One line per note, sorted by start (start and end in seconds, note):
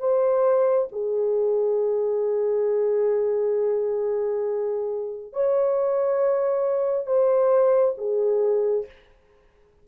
0.00 0.88 C5
0.93 5.33 G#4
5.33 7.07 C#5
7.07 7.95 C5
7.98 8.86 G#4